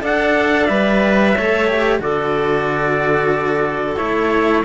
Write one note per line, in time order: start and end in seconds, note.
0.00 0.69 D4
0.00 0.66 A4
0.00 1.33 D5
0.00 0.66 F#5
0.66 1.35 G3
0.66 1.35 B4
0.66 1.98 E5
1.34 1.99 A3
1.34 1.68 A4
1.34 2.00 C#5
1.68 1.99 G4
1.99 3.97 D3
1.99 3.96 F#4
1.99 4.65 A4
1.99 3.96 D5
3.96 4.65 A3
3.96 4.62 E4
3.96 4.62 C#5